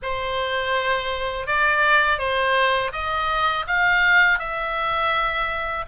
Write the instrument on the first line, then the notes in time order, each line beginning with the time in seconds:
oboe
0.02 C5
1.46 D5
2.18 C5
2.92 D#5
3.67 F5
4.38 E5